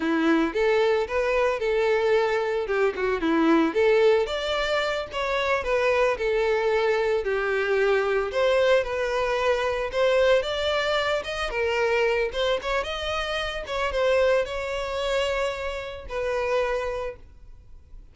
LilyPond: \new Staff \with { instrumentName = "violin" } { \time 4/4 \tempo 4 = 112 e'4 a'4 b'4 a'4~ | a'4 g'8 fis'8 e'4 a'4 | d''4. cis''4 b'4 a'8~ | a'4. g'2 c''8~ |
c''8 b'2 c''4 d''8~ | d''4 dis''8 ais'4. c''8 cis''8 | dis''4. cis''8 c''4 cis''4~ | cis''2 b'2 | }